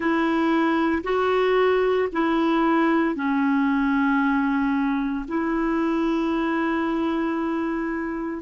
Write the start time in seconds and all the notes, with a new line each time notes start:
0.00 E4
1.03 F#4
2.12 E4
3.15 C#4
5.28 E4